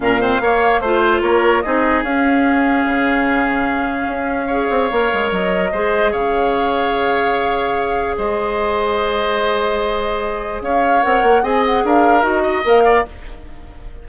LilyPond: <<
  \new Staff \with { instrumentName = "flute" } { \time 4/4 \tempo 4 = 147 f''2 c''4 cis''4 | dis''4 f''2.~ | f''1~ | f''4 dis''2 f''4~ |
f''1 | dis''1~ | dis''2 f''4 fis''4 | gis''8 fis''8 f''4 dis''4 f''4 | }
  \new Staff \with { instrumentName = "oboe" } { \time 4/4 ais'8 c''8 cis''4 c''4 ais'4 | gis'1~ | gis'2. cis''4~ | cis''2 c''4 cis''4~ |
cis''1 | c''1~ | c''2 cis''2 | dis''4 ais'4. dis''4 d''8 | }
  \new Staff \with { instrumentName = "clarinet" } { \time 4/4 cis'8 c'8 ais4 f'2 | dis'4 cis'2.~ | cis'2. gis'4 | ais'2 gis'2~ |
gis'1~ | gis'1~ | gis'2. ais'4 | gis'2 fis'4 ais'4 | }
  \new Staff \with { instrumentName = "bassoon" } { \time 4/4 ais,4 ais4 a4 ais4 | c'4 cis'2 cis4~ | cis2 cis'4. c'8 | ais8 gis8 fis4 gis4 cis4~ |
cis1 | gis1~ | gis2 cis'4 c'8 ais8 | c'4 d'4 dis'4 ais4 | }
>>